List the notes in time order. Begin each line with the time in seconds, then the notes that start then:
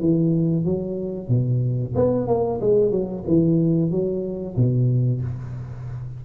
0.00 E3
0.65 F#3
1.29 B2
1.95 B3
2.27 A#3
2.61 G#3
2.91 F#3
3.27 E3
3.91 F#3
4.57 B2